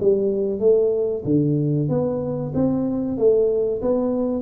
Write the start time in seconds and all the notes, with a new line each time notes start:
0.00 G3
0.59 A3
1.25 D3
1.88 B3
2.54 C4
3.17 A3
3.81 B3